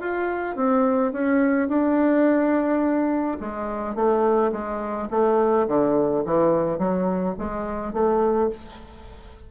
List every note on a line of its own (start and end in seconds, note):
0.00 0.56 F4
0.56 1.12 C4
1.12 1.68 C#4
1.68 3.38 D4
3.40 3.95 G#3
3.95 4.51 A3
4.52 5.08 G#3
5.10 5.67 A3
5.67 6.24 D3
6.25 6.78 E3
6.78 7.35 F#3
7.38 7.93 G#3
7.93 8.49 A3